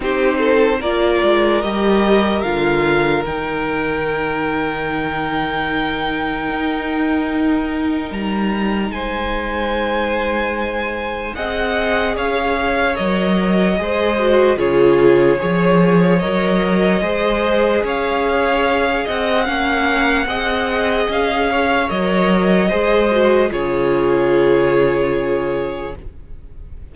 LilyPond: <<
  \new Staff \with { instrumentName = "violin" } { \time 4/4 \tempo 4 = 74 c''4 d''4 dis''4 f''4 | g''1~ | g''2 ais''4 gis''4~ | gis''2 fis''4 f''4 |
dis''2 cis''2 | dis''2 f''4. fis''8~ | fis''2 f''4 dis''4~ | dis''4 cis''2. | }
  \new Staff \with { instrumentName = "violin" } { \time 4/4 g'8 a'8 ais'2.~ | ais'1~ | ais'2. c''4~ | c''2 dis''4 cis''4~ |
cis''4 c''4 gis'4 cis''4~ | cis''4 c''4 cis''4. dis''8 | f''4 dis''4. cis''4. | c''4 gis'2. | }
  \new Staff \with { instrumentName = "viola" } { \time 4/4 dis'4 f'4 g'4 f'4 | dis'1~ | dis'1~ | dis'2 gis'2 |
ais'4 gis'8 fis'8 f'4 gis'4 | ais'4 gis'2. | cis'4 gis'2 ais'4 | gis'8 fis'8 f'2. | }
  \new Staff \with { instrumentName = "cello" } { \time 4/4 c'4 ais8 gis8 g4 d4 | dis1 | dis'2 g4 gis4~ | gis2 c'4 cis'4 |
fis4 gis4 cis4 f4 | fis4 gis4 cis'4. c'8 | ais4 c'4 cis'4 fis4 | gis4 cis2. | }
>>